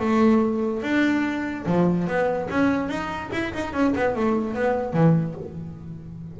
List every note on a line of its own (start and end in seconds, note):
0.00 0.83 A3
0.83 1.66 D4
1.66 2.07 F3
2.07 2.49 B3
2.50 2.89 C#4
2.89 3.30 D#4
3.33 3.53 E4
3.54 3.74 D#4
3.74 3.94 C#4
3.96 4.16 B3
4.16 4.55 A3
4.55 4.93 B3
4.93 5.35 E3